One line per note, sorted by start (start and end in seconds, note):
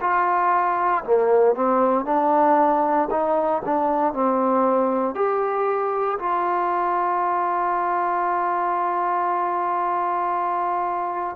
0.00 1.03 F4
1.04 1.55 A#3
1.55 2.05 C4
2.05 3.08 D4
3.10 3.62 D#4
3.64 4.13 D4
4.13 5.14 C4
5.14 6.18 G4
6.18 11.36 F4